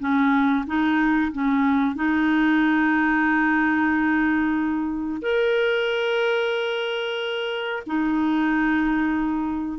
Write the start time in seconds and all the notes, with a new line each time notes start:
0.00 C#4
0.67 D#4
1.32 C#4
1.95 D#4
5.22 A#4
7.87 D#4